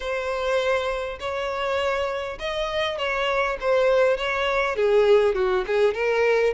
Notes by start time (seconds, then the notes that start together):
0.00 C5
1.19 C#5
2.39 D#5
2.98 C#5
3.60 C5
4.17 C#5
4.76 G#4
5.35 F#4
5.66 G#4
5.94 A#4